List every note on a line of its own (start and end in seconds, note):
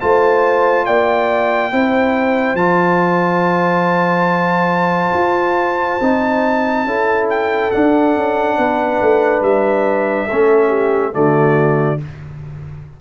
0.00 0.87 A3
0.00 1.72 F4
0.00 0.86 C5
0.00 0.85 A5
0.85 1.72 A#3
0.85 1.71 D5
0.85 2.56 G5
1.72 2.54 C4
1.72 2.57 E4
1.72 6.86 C5
2.54 5.11 F3
2.54 6.00 F4
2.54 7.27 A5
5.14 5.99 F4
6.01 6.85 C4
6.01 6.87 D#4
6.85 7.70 C#4
6.85 7.72 E4
6.85 8.58 A4
7.30 7.71 G5
7.71 10.29 D4
7.71 8.16 D4
7.71 9.42 F#5
8.16 8.58 C#4
8.58 9.01 B3
8.58 10.27 B4
9.01 9.41 A3
9.41 10.27 G3
9.41 11.14 E5
10.27 11.15 A3
10.27 11.12 C#4
10.27 10.68 A4
10.68 11.11 G4
11.12 12.00 D3
11.12 11.98 A3
11.12 12.00 F#4
11.12 12.00 D5